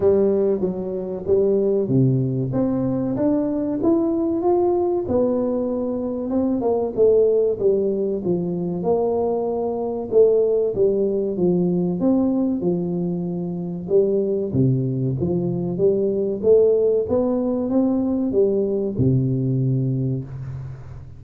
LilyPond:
\new Staff \with { instrumentName = "tuba" } { \time 4/4 \tempo 4 = 95 g4 fis4 g4 c4 | c'4 d'4 e'4 f'4 | b2 c'8 ais8 a4 | g4 f4 ais2 |
a4 g4 f4 c'4 | f2 g4 c4 | f4 g4 a4 b4 | c'4 g4 c2 | }